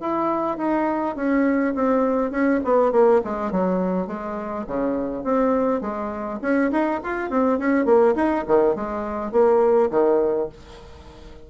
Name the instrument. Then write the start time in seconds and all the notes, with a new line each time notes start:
bassoon
0.00 E4
0.57 D#4
1.15 C#4
1.74 C4
2.31 C#4
2.64 B3
2.92 A#3
3.24 G#3
3.51 F#3
4.07 G#3
4.67 C#3
5.23 C4
5.81 G#3
6.41 C#4
6.71 D#4
7.03 F4
7.30 C4
7.58 C#4
7.85 A#3
8.15 D#4
8.47 D#3
8.75 G#3
9.32 A#3
9.90 D#3